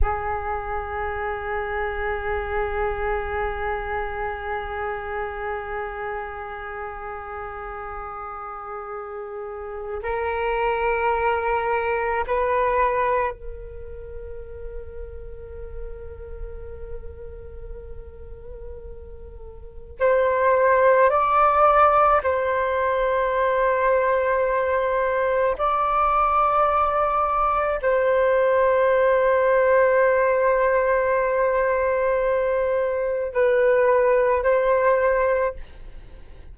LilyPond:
\new Staff \with { instrumentName = "flute" } { \time 4/4 \tempo 4 = 54 gis'1~ | gis'1~ | gis'4 ais'2 b'4 | ais'1~ |
ais'2 c''4 d''4 | c''2. d''4~ | d''4 c''2.~ | c''2 b'4 c''4 | }